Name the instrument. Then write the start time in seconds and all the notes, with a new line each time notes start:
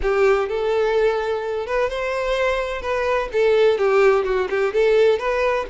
violin
0.02 G4
0.48 A4
1.66 B4
1.89 C5
2.81 B4
3.32 A4
3.78 G4
4.24 F#4
4.49 G4
4.73 A4
5.18 B4